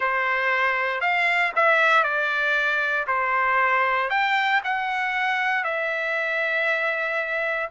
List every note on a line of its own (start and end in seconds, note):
0.00 1.00 C5
1.00 1.52 F5
1.55 2.03 E5
2.03 3.06 D5
3.07 4.10 C5
4.10 4.61 G5
4.64 5.64 F#5
5.64 7.69 E5